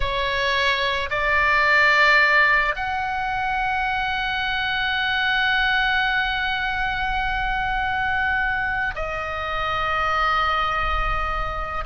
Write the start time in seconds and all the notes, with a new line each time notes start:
0.00 C#5
1.10 D5
2.75 F#5
8.95 D#5